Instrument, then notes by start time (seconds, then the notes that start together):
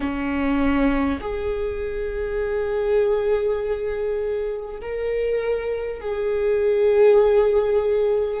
viola
0.00 C#4
1.21 G#4
4.81 A#4
6.01 G#4